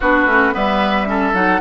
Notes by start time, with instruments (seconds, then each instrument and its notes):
0.00 bassoon B3, clarinet D4, oboe F#4, flute B4
0.25 bassoon A3, clarinet C#4
0.52 bassoon G3, clarinet B3, oboe B4, flute E5
1.05 clarinet C#4, oboe A4
1.33 bassoon F#3, clarinet D#4, flute F#5